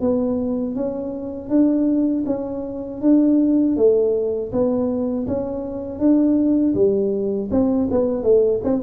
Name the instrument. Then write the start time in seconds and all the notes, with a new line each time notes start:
tuba
0.00 B3
0.75 C#4
1.49 D4
2.26 C#4
3.01 D4
3.76 A3
4.51 B3
5.27 C#4
5.99 D4
6.74 G3
7.50 C4
7.91 B3
8.23 A3
8.63 C4